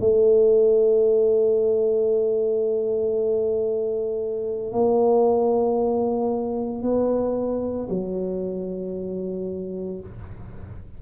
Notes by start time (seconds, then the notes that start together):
0.00 A3
4.72 A#3
6.82 B3
7.89 F#3